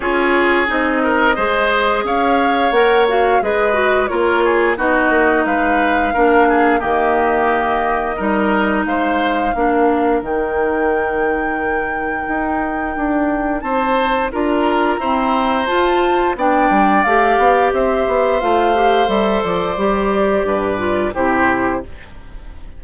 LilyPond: <<
  \new Staff \with { instrumentName = "flute" } { \time 4/4 \tempo 4 = 88 cis''4 dis''2 f''4 | fis''8 f''8 dis''4 cis''4 dis''4 | f''2 dis''2~ | dis''4 f''2 g''4~ |
g''1 | a''4 ais''2 a''4 | g''4 f''4 e''4 f''4 | e''8 d''2~ d''8 c''4 | }
  \new Staff \with { instrumentName = "oboe" } { \time 4/4 gis'4. ais'8 c''4 cis''4~ | cis''4 b'4 ais'8 gis'8 fis'4 | b'4 ais'8 gis'8 g'2 | ais'4 c''4 ais'2~ |
ais'1 | c''4 ais'4 c''2 | d''2 c''2~ | c''2 b'4 g'4 | }
  \new Staff \with { instrumentName = "clarinet" } { \time 4/4 f'4 dis'4 gis'2 | ais'8 fis'8 gis'8 fis'8 f'4 dis'4~ | dis'4 d'4 ais2 | dis'2 d'4 dis'4~ |
dis'1~ | dis'4 f'4 c'4 f'4 | d'4 g'2 f'8 g'8 | a'4 g'4. f'8 e'4 | }
  \new Staff \with { instrumentName = "bassoon" } { \time 4/4 cis'4 c'4 gis4 cis'4 | ais4 gis4 ais4 b8 ais8 | gis4 ais4 dis2 | g4 gis4 ais4 dis4~ |
dis2 dis'4 d'4 | c'4 d'4 e'4 f'4 | b8 g8 a8 b8 c'8 b8 a4 | g8 f8 g4 g,4 c4 | }
>>